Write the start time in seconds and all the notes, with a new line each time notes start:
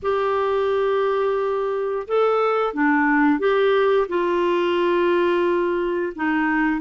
0.02 G4
2.07 A4
2.73 D4
3.39 G4
4.08 F4
6.15 D#4